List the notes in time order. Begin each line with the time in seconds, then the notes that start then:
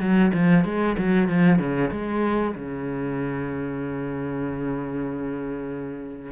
0.00 F#3
0.33 F3
0.65 G#3
0.98 F#3
1.29 F3
1.59 C#3
1.91 G#3
2.55 C#3